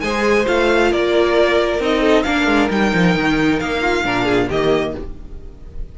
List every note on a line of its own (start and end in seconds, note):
0.00 0.46 G#3
0.00 0.46 G#4
0.00 0.91 C5
0.00 0.45 G#5
0.46 0.92 A3
0.46 1.80 F4
0.46 0.92 F5
0.91 1.79 A#3
0.91 2.00 A#4
0.91 1.81 D5
1.79 2.24 C4
1.79 2.25 D#4
1.79 2.23 D#5
2.00 2.23 A4
2.23 2.46 A#3
2.23 2.70 D4
2.23 3.81 A#4
2.23 2.68 F5
2.46 2.69 G#3
2.70 2.92 G3
2.70 4.04 D#4
2.70 3.59 G5
2.93 3.15 F3
3.15 3.60 D#3
3.59 4.04 A#3
3.59 4.49 F5
3.81 4.03 F4
4.04 4.49 A#2
4.04 4.50 D4
4.04 4.24 A#4
4.24 4.47 G#4
4.48 4.94 D#3
4.48 4.98 A#3
4.48 4.93 G4
4.48 4.95 D#5